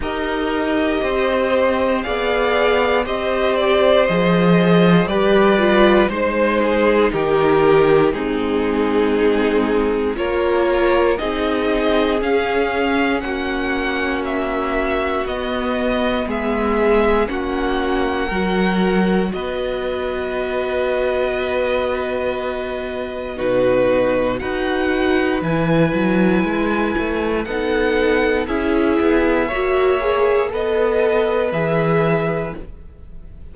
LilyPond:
<<
  \new Staff \with { instrumentName = "violin" } { \time 4/4 \tempo 4 = 59 dis''2 f''4 dis''8 d''8 | dis''4 d''4 c''4 ais'4 | gis'2 cis''4 dis''4 | f''4 fis''4 e''4 dis''4 |
e''4 fis''2 dis''4~ | dis''2. b'4 | fis''4 gis''2 fis''4 | e''2 dis''4 e''4 | }
  \new Staff \with { instrumentName = "violin" } { \time 4/4 ais'4 c''4 d''4 c''4~ | c''4 b'4 c''8 gis'8 g'4 | dis'2 ais'4 gis'4~ | gis'4 fis'2. |
gis'4 fis'4 ais'4 b'4~ | b'2. fis'4 | b'2. a'4 | gis'4 cis''4 b'2 | }
  \new Staff \with { instrumentName = "viola" } { \time 4/4 g'2 gis'4 g'4 | gis'4 g'8 f'8 dis'2 | c'2 f'4 dis'4 | cis'2. b4~ |
b4 cis'4 fis'2~ | fis'2. dis'4 | fis'4 e'2 dis'4 | e'4 fis'8 gis'8 a'4 gis'4 | }
  \new Staff \with { instrumentName = "cello" } { \time 4/4 dis'4 c'4 b4 c'4 | f4 g4 gis4 dis4 | gis2 ais4 c'4 | cis'4 ais2 b4 |
gis4 ais4 fis4 b4~ | b2. b,4 | dis'4 e8 fis8 gis8 a8 b4 | cis'8 b8 ais4 b4 e4 | }
>>